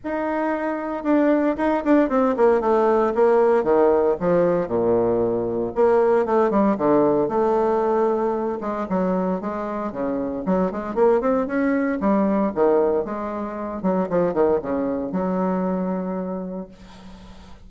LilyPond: \new Staff \with { instrumentName = "bassoon" } { \time 4/4 \tempo 4 = 115 dis'2 d'4 dis'8 d'8 | c'8 ais8 a4 ais4 dis4 | f4 ais,2 ais4 | a8 g8 d4 a2~ |
a8 gis8 fis4 gis4 cis4 | fis8 gis8 ais8 c'8 cis'4 g4 | dis4 gis4. fis8 f8 dis8 | cis4 fis2. | }